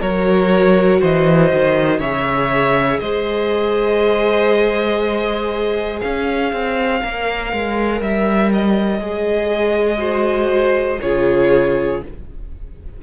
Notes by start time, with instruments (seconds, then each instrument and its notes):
0.00 cello F#3, viola F#4, violin A#4 C#5
1.00 cello E3, violin C5 D#5
1.52 cello D#3
1.99 cello C#3, viola G#4, violin C#5 E5
2.99 cello G#3, violin C5 D#5
6.01 cello C#4, violin C#5 F5
6.52 cello C4
7.01 cello A#3, viola A#4
7.52 cello G#3
8.00 cello G3, violin E5
8.52 violin D#5
8.99 cello G#3, viola G#4
9.97 viola F#4, violin C5
11.01 cello C#3, viola F4, violin G#4 C#5